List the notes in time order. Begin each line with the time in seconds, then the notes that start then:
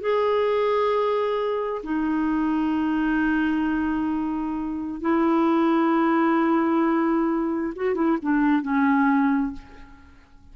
0.00 G#4
1.83 D#4
5.01 E4
7.75 F#4
7.94 E4
8.22 D4
8.62 C#4